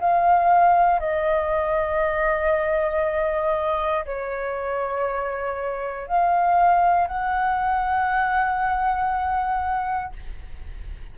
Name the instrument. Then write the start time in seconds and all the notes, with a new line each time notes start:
flute
0.00 F5
1.00 D#5
4.05 C#5
6.07 F5
7.07 F#5